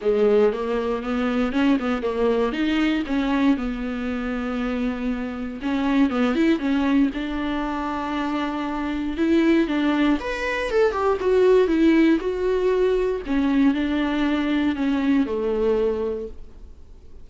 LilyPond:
\new Staff \with { instrumentName = "viola" } { \time 4/4 \tempo 4 = 118 gis4 ais4 b4 cis'8 b8 | ais4 dis'4 cis'4 b4~ | b2. cis'4 | b8 e'8 cis'4 d'2~ |
d'2 e'4 d'4 | b'4 a'8 g'8 fis'4 e'4 | fis'2 cis'4 d'4~ | d'4 cis'4 a2 | }